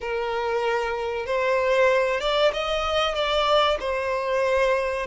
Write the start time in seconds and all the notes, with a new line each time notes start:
0.01 A#4
1.26 C5
2.20 D5
2.53 D#5
3.14 D5
3.80 C5